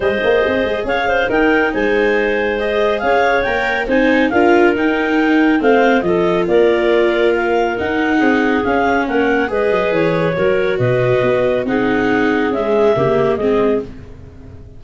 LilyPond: <<
  \new Staff \with { instrumentName = "clarinet" } { \time 4/4 \tempo 4 = 139 dis''2 f''4 g''4 | gis''2 dis''4 f''4 | g''4 gis''4 f''4 g''4~ | g''4 f''4 dis''4 d''4~ |
d''4 f''4 fis''2 | f''4 fis''4 dis''4 cis''4~ | cis''4 dis''2 fis''4~ | fis''4 e''2 dis''4 | }
  \new Staff \with { instrumentName = "clarinet" } { \time 4/4 c''2 cis''8 c''8 ais'4 | c''2. cis''4~ | cis''4 c''4 ais'2~ | ais'4 c''4 a'4 ais'4~ |
ais'2. gis'4~ | gis'4 ais'4 b'2 | ais'4 b'2 gis'4~ | gis'2 g'4 gis'4 | }
  \new Staff \with { instrumentName = "viola" } { \time 4/4 gis'2. dis'4~ | dis'2 gis'2 | ais'4 dis'4 f'4 dis'4~ | dis'4 c'4 f'2~ |
f'2 dis'2 | cis'2 gis'2 | fis'2. dis'4~ | dis'4 gis4 ais4 c'4 | }
  \new Staff \with { instrumentName = "tuba" } { \time 4/4 gis8 ais8 c'8 gis8 cis'4 dis'4 | gis2. cis'4 | ais4 c'4 d'4 dis'4~ | dis'4 a4 f4 ais4~ |
ais2 dis'4 c'4 | cis'4 ais4 gis8 fis8 e4 | fis4 b,4 b4 c'4~ | c'4 cis'4 cis4 gis4 | }
>>